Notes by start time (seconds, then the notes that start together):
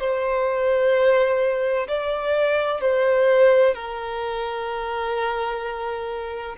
0.00 C5
1.87 D5
2.81 C5
3.75 A#4